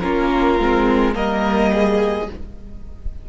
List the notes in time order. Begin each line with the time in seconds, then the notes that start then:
0.00 A#3 C#4 F4 A#4
0.59 G#3 C4
1.13 G3 A#3 A#4 D#5
1.72 G#4